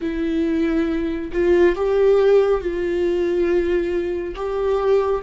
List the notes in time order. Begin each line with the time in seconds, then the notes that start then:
0.01 E4
1.32 F4
1.75 G4
2.60 F4
4.35 G4